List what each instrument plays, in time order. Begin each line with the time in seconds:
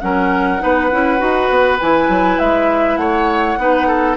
0.00 bassoon F#3, clarinet C#4, oboe A#4, flute F#5
0.59 bassoon B3, clarinet D#4, oboe B4
0.91 bassoon C#4, clarinet E4
1.18 bassoon D#4, clarinet F#4
1.50 bassoon B3
1.79 bassoon E3, clarinet E4, flute G#5
2.08 bassoon F#3
2.38 bassoon G#3, flute E5
2.96 bassoon A3, oboe C#5, flute F#5
3.58 bassoon B3, clarinet D#4, oboe B4
3.87 oboe A4